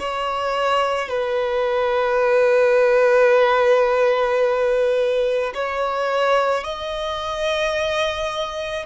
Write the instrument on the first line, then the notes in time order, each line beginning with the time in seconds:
violin
0.00 C#5
1.09 B4
5.55 C#5
6.64 D#5